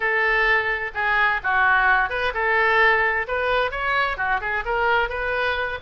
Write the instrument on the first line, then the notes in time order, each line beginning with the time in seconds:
oboe
0.00 A4
0.94 G#4
1.43 F#4
2.09 B4
2.34 A4
3.27 B4
3.71 C#5
4.17 F#4
4.40 G#4
4.65 A#4
5.09 B4